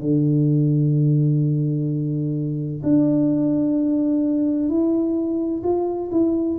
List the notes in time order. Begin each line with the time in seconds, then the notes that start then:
0.00 D3
2.83 D4
4.68 E4
5.63 F4
6.11 E4